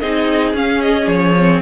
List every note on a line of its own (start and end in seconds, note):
0.00 0.53 C4
0.00 0.55 D#4
0.00 1.62 G#4
0.00 0.54 D#5
0.53 1.07 C#4
0.53 1.35 C#4
0.53 0.81 F5
0.81 1.07 D#5
1.07 1.61 F3
1.07 1.61 C#5
1.39 1.62 C4